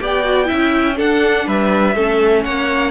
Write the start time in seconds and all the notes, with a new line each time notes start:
0.00 B3 G4 D5 G5
0.24 F#4
0.45 E4 E5
0.52 C#4
0.95 D4 A4 F#5
1.47 G3 B4 E5
1.95 A3 C#4 A4
2.44 A#3 C#5 F#5